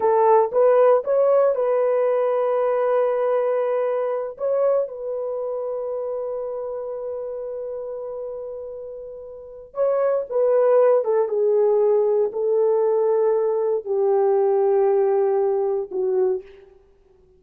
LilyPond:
\new Staff \with { instrumentName = "horn" } { \time 4/4 \tempo 4 = 117 a'4 b'4 cis''4 b'4~ | b'1~ | b'8 cis''4 b'2~ b'8~ | b'1~ |
b'2. cis''4 | b'4. a'8 gis'2 | a'2. g'4~ | g'2. fis'4 | }